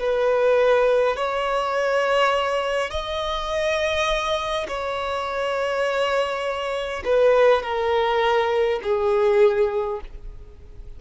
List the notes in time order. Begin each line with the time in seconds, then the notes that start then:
0.00 B4
1.17 C#5
2.91 D#5
4.68 C#5
7.05 B4
7.63 A#4
8.83 G#4